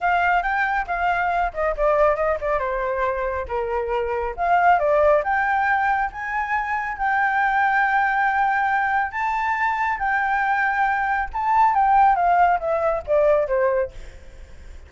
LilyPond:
\new Staff \with { instrumentName = "flute" } { \time 4/4 \tempo 4 = 138 f''4 g''4 f''4. dis''8 | d''4 dis''8 d''8 c''2 | ais'2 f''4 d''4 | g''2 gis''2 |
g''1~ | g''4 a''2 g''4~ | g''2 a''4 g''4 | f''4 e''4 d''4 c''4 | }